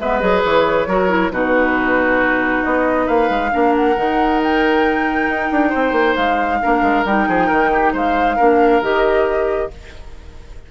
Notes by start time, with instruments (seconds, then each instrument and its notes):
0.00 bassoon G#3, clarinet B3, oboe B4, flute E5
0.19 bassoon F#3, clarinet G#4, flute D#5
0.45 bassoon E3, flute C#5
0.87 bassoon F#3, clarinet F#4, oboe A#4
1.09 clarinet E4
1.32 bassoon B2, clarinet D#4, oboe F#4, flute B4
2.64 bassoon B3, flute D#5
3.06 bassoon A#3, oboe B4, flute F5
3.30 bassoon G#3
3.51 bassoon A#3, clarinet D4, oboe A#4
3.76 flute F#5
3.97 bassoon D#3, clarinet D#4
4.43 flute G5
5.28 bassoon D#4
5.51 bassoon D4
5.70 bassoon C4, oboe C5
5.92 bassoon A#3
6.16 bassoon G#3, flute F5
6.62 bassoon A#3, clarinet D4, oboe A#4
6.82 bassoon G#3
7.05 bassoon G3, clarinet D#4, flute G5
7.28 bassoon F3, oboe G#4
7.47 bassoon D#3, oboe A#4
7.73 oboe G4
7.93 bassoon G#3, oboe C5, flute F5
8.36 bassoon A#3, clarinet D4, oboe A#4
8.82 bassoon D#3, clarinet G4, flute D#5